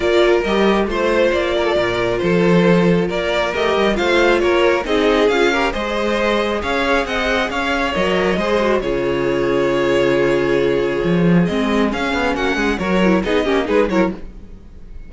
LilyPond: <<
  \new Staff \with { instrumentName = "violin" } { \time 4/4 \tempo 4 = 136 d''4 dis''4 c''4 d''4~ | d''4 c''2 d''4 | dis''4 f''4 cis''4 dis''4 | f''4 dis''2 f''4 |
fis''4 f''4 dis''2 | cis''1~ | cis''2 dis''4 f''4 | fis''4 cis''4 dis''4 b'8 cis''8 | }
  \new Staff \with { instrumentName = "violin" } { \time 4/4 ais'2 c''4. ais'16 a'16 | ais'4 a'2 ais'4~ | ais'4 c''4 ais'4 gis'4~ | gis'8 ais'8 c''2 cis''4 |
dis''4 cis''2 c''4 | gis'1~ | gis'1 | fis'8 gis'8 ais'4 gis'8 g'8 gis'8 ais'8 | }
  \new Staff \with { instrumentName = "viola" } { \time 4/4 f'4 g'4 f'2~ | f'1 | g'4 f'2 dis'4 | f'8 g'8 gis'2.~ |
gis'2 ais'4 gis'8 fis'8 | f'1~ | f'2 c'4 cis'4~ | cis'4 fis'8 e'8 dis'8 cis'8 dis'8 e'8 | }
  \new Staff \with { instrumentName = "cello" } { \time 4/4 ais4 g4 a4 ais4 | ais,4 f2 ais4 | a8 g8 a4 ais4 c'4 | cis'4 gis2 cis'4 |
c'4 cis'4 fis4 gis4 | cis1~ | cis4 f4 gis4 cis'8 b8 | ais8 gis8 fis4 b8 ais8 gis8 fis8 | }
>>